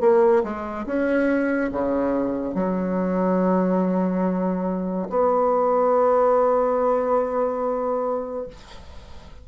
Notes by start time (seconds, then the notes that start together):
0.00 A#3
0.43 G#3
0.86 C#4
1.72 C#3
2.54 F#3
5.09 B3